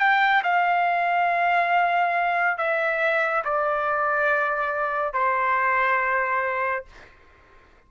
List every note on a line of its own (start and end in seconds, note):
0.00 0.43 G5
0.44 2.58 F5
2.58 3.44 E5
3.45 5.14 D5
5.14 6.85 C5